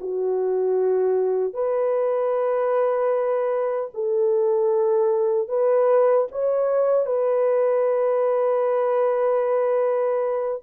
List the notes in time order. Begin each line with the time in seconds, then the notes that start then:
0.00 F#4
1.53 B4
3.94 A4
5.48 B4
6.31 C#5
7.06 B4